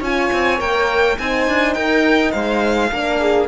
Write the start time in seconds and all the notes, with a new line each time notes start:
0.00 C#4 F4 C#5 G#5
0.33 C4
0.59 A#3 A#4 G5
1.18 C4 D#4 C5 G#5
1.48 D4
1.74 D#4 A#4 G5
2.31 G#3 C5 F5
2.92 A#3 D4 A#4
3.19 G#4